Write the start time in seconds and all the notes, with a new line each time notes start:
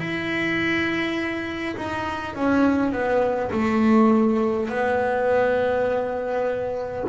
0.00 E4
1.77 D#4
2.36 C#4
2.93 B3
3.52 A3
4.70 B3